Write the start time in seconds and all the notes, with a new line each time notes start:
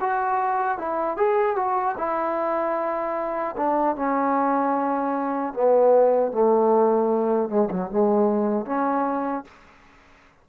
0.00 F#4
0.78 E4
1.16 G#4
1.55 F#4
1.97 E4
3.56 D4
3.95 C#4
5.53 B3
6.32 A3
7.49 G#3
7.70 F#3
7.90 G#3
8.65 C#4